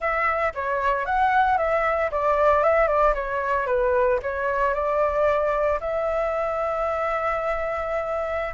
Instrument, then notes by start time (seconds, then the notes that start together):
flute
0.00 E5
0.54 C#5
1.05 F#5
1.57 E5
2.11 D5
2.63 E5
2.87 D5
3.14 C#5
3.66 B4
4.22 C#5
4.74 D5
5.80 E5